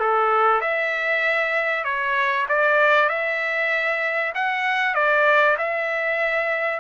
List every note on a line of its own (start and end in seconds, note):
0.00 0.61 A4
0.61 1.84 E5
1.84 2.46 C#5
2.49 3.09 D5
3.09 4.33 E5
4.35 4.95 F#5
4.95 5.57 D5
5.58 6.80 E5